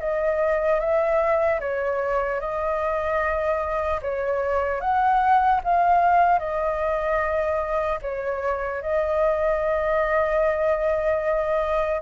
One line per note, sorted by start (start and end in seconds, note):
0.00 0.80 D#5
0.80 1.60 E5
1.61 2.40 C#5
2.40 4.00 D#5
4.02 4.81 C#5
4.81 5.61 F#5
5.64 6.39 F5
6.39 7.99 D#5
8.02 8.82 C#5
8.82 12.02 D#5